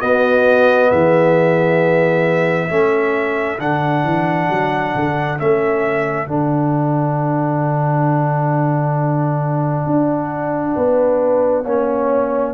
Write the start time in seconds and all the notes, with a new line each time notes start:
0.00 B3 F#4 D#5
0.90 E3 G#4 E5
2.69 A3 C#4 A4
3.59 D3 D4 F#5
4.04 E3
4.49 F#3
4.95 D3
5.39 A3 C#4 E5
6.27 D3 D4 F#5
9.86 D4
10.76 B3 B4
11.64 A#3 C#4 C#5